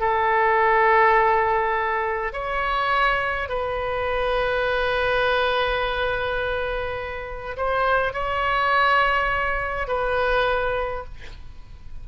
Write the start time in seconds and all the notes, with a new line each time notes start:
0.00 A4
2.32 C#5
3.48 B4
7.56 C5
8.13 C#5
9.88 B4